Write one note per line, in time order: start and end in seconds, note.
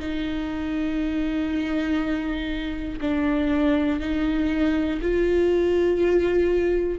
0.00 3.00 D#4
3.01 4.01 D4
4.01 5.01 D#4
5.02 6.99 F4